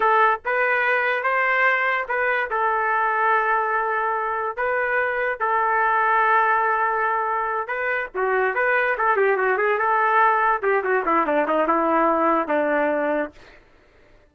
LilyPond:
\new Staff \with { instrumentName = "trumpet" } { \time 4/4 \tempo 4 = 144 a'4 b'2 c''4~ | c''4 b'4 a'2~ | a'2. b'4~ | b'4 a'2.~ |
a'2~ a'8 b'4 fis'8~ | fis'8 b'4 a'8 g'8 fis'8 gis'8 a'8~ | a'4. g'8 fis'8 e'8 d'8 dis'8 | e'2 d'2 | }